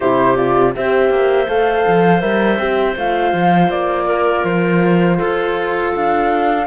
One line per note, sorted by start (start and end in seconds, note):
0.00 0.76 C3
0.00 0.36 E4
0.00 0.73 G4
0.00 0.36 C5
0.36 0.73 F4
0.36 0.73 D5
0.74 1.10 C4
0.74 1.47 G4
0.74 4.05 C5
0.74 1.49 E5
1.10 1.47 A#3
1.47 1.85 A3
1.47 2.21 A4
1.47 2.20 F5
1.87 2.22 F3
2.20 2.58 G3
2.20 2.58 A#4
2.20 2.94 E5
2.58 2.95 C4
2.58 2.95 G4
2.96 3.33 A3
2.96 6.66 F4
2.96 3.70 F5
3.33 3.69 F3
3.69 4.43 A#3
3.69 4.44 D5
4.05 5.16 A#4
4.44 5.18 F3
4.44 5.92 C5
5.17 5.94 F4
5.17 6.65 A4
5.93 6.66 D4
5.93 6.66 F5